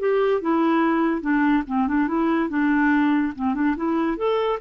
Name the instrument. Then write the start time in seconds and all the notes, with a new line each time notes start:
clarinet
0.00 G4
0.41 E4
1.22 D4
1.67 C4
1.88 D4
2.08 E4
2.50 D4
3.35 C4
3.55 D4
3.77 E4
4.17 A4